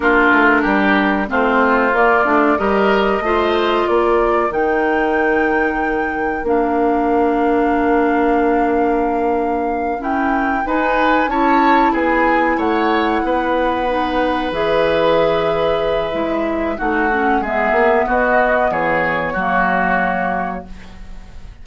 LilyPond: <<
  \new Staff \with { instrumentName = "flute" } { \time 4/4 \tempo 4 = 93 ais'2 c''4 d''4 | dis''2 d''4 g''4~ | g''2 f''2~ | f''2.~ f''8 g''8~ |
g''8 gis''4 a''4 gis''4 fis''8~ | fis''2~ fis''8 e''4.~ | e''2 fis''4 e''4 | dis''4 cis''2. | }
  \new Staff \with { instrumentName = "oboe" } { \time 4/4 f'4 g'4 f'2 | ais'4 c''4 ais'2~ | ais'1~ | ais'1~ |
ais'8 b'4 cis''4 gis'4 cis''8~ | cis''8 b'2.~ b'8~ | b'2 fis'4 gis'4 | fis'4 gis'4 fis'2 | }
  \new Staff \with { instrumentName = "clarinet" } { \time 4/4 d'2 c'4 ais8 d'8 | g'4 f'2 dis'4~ | dis'2 d'2~ | d'2.~ d'8 cis'8~ |
cis'8 dis'4 e'2~ e'8~ | e'4. dis'4 gis'4.~ | gis'4 e'4 dis'8 cis'8 b4~ | b2 ais2 | }
  \new Staff \with { instrumentName = "bassoon" } { \time 4/4 ais8 a8 g4 a4 ais8 a8 | g4 a4 ais4 dis4~ | dis2 ais2~ | ais2.~ ais8 e'8~ |
e'8 dis'4 cis'4 b4 a8~ | a8 b2 e4.~ | e4 gis4 a4 gis8 ais8 | b4 e4 fis2 | }
>>